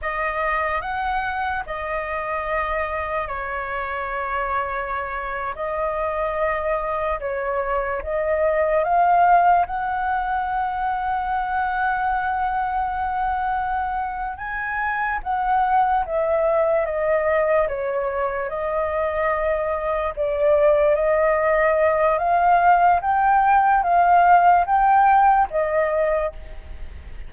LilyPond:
\new Staff \with { instrumentName = "flute" } { \time 4/4 \tempo 4 = 73 dis''4 fis''4 dis''2 | cis''2~ cis''8. dis''4~ dis''16~ | dis''8. cis''4 dis''4 f''4 fis''16~ | fis''1~ |
fis''4. gis''4 fis''4 e''8~ | e''8 dis''4 cis''4 dis''4.~ | dis''8 d''4 dis''4. f''4 | g''4 f''4 g''4 dis''4 | }